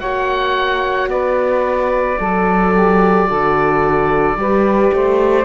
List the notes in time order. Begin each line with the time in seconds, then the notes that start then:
0.00 A#3 F#4 C#5 F#5
1.08 B3 B4 D5
2.19 F#3 A4
2.74 G4
3.27 D3 F#4 A4
4.37 G3 G4 B4
4.93 A3 C5